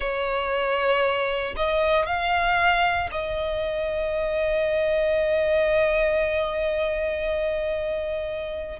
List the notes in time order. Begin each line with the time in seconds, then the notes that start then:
0.00 C#5
1.56 D#5
2.05 F5
3.11 D#5